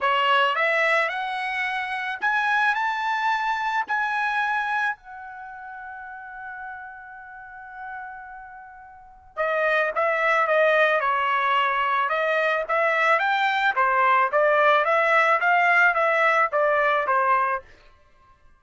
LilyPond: \new Staff \with { instrumentName = "trumpet" } { \time 4/4 \tempo 4 = 109 cis''4 e''4 fis''2 | gis''4 a''2 gis''4~ | gis''4 fis''2.~ | fis''1~ |
fis''4 dis''4 e''4 dis''4 | cis''2 dis''4 e''4 | g''4 c''4 d''4 e''4 | f''4 e''4 d''4 c''4 | }